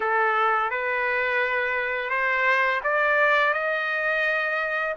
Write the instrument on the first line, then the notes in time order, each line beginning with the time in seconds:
trumpet
0.00 A4
0.70 B4
2.10 C5
2.83 D5
3.53 D#5